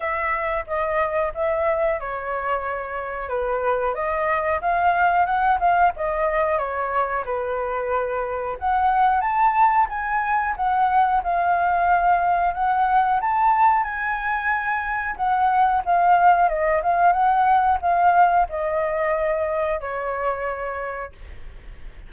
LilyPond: \new Staff \with { instrumentName = "flute" } { \time 4/4 \tempo 4 = 91 e''4 dis''4 e''4 cis''4~ | cis''4 b'4 dis''4 f''4 | fis''8 f''8 dis''4 cis''4 b'4~ | b'4 fis''4 a''4 gis''4 |
fis''4 f''2 fis''4 | a''4 gis''2 fis''4 | f''4 dis''8 f''8 fis''4 f''4 | dis''2 cis''2 | }